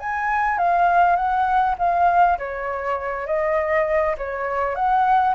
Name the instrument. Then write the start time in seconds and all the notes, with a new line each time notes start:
flute
0.00 G#5
0.59 F5
1.16 F#5
1.79 F5
2.39 C#5
3.27 D#5
4.18 C#5
4.76 F#5